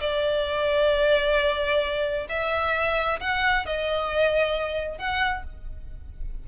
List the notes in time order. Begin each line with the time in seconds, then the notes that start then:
0.00 D5
2.29 E5
3.20 F#5
3.65 D#5
4.98 F#5